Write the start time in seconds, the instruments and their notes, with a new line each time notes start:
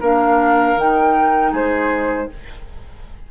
0.00 bassoon A#3, clarinet D4, oboe A#4, flute F5
0.76 bassoon D#3, clarinet D#4, flute G5
1.52 bassoon G#3, oboe G#4, flute C5